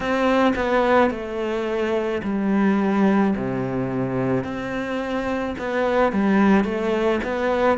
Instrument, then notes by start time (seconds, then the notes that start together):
cello
0.00 C4
0.55 B3
1.10 A3
2.23 G3
3.36 C3
4.44 C4
5.58 B3
6.12 G3
6.64 A3
7.23 B3